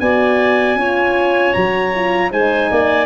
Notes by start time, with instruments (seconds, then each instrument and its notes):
0.00 tuba B3, horn F#4, clarinet D5, trumpet G#5
0.75 tuba C#4, horn F4, clarinet C#5
1.54 tuba F#3, horn F#4, trumpet A#5
1.95 horn F4
2.30 tuba G#3, horn D#4, clarinet C5, trumpet G#5
2.71 tuba A#3, clarinet D5